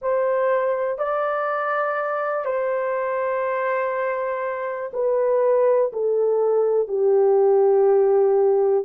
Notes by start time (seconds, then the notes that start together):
0.01 C5
0.98 D5
2.45 C5
4.93 B4
5.92 A4
6.88 G4